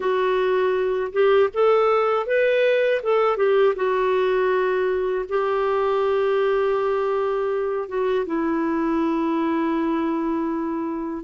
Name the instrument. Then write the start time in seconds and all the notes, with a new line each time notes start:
clarinet
0.00 F#4
1.12 G4
1.53 A4
2.26 B4
3.02 A4
3.36 G4
3.75 F#4
5.28 G4
7.88 F#4
8.26 E4